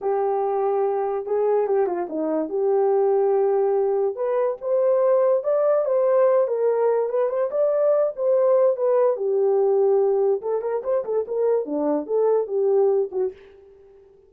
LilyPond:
\new Staff \with { instrumentName = "horn" } { \time 4/4 \tempo 4 = 144 g'2. gis'4 | g'8 f'8 dis'4 g'2~ | g'2 b'4 c''4~ | c''4 d''4 c''4. ais'8~ |
ais'4 b'8 c''8 d''4. c''8~ | c''4 b'4 g'2~ | g'4 a'8 ais'8 c''8 a'8 ais'4 | d'4 a'4 g'4. fis'8 | }